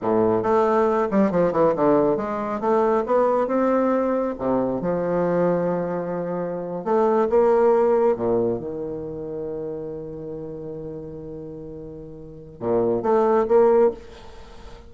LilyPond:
\new Staff \with { instrumentName = "bassoon" } { \time 4/4 \tempo 4 = 138 a,4 a4. g8 f8 e8 | d4 gis4 a4 b4 | c'2 c4 f4~ | f2.~ f8. a16~ |
a8. ais2 ais,4 dis16~ | dis1~ | dis1~ | dis4 ais,4 a4 ais4 | }